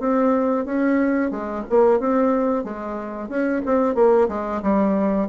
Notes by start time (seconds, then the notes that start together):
0.00 C4
0.66 C#4
1.31 G#3
1.70 A#3
2.00 C4
2.64 G#3
3.29 C#4
3.66 C4
3.95 A#3
4.29 G#3
4.63 G3